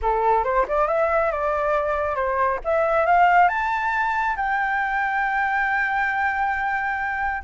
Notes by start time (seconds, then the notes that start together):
0.02 A4
0.44 C5
0.68 D5
0.87 E5
1.31 D5
2.15 C5
2.64 E5
3.06 F5
3.48 A5
4.36 G5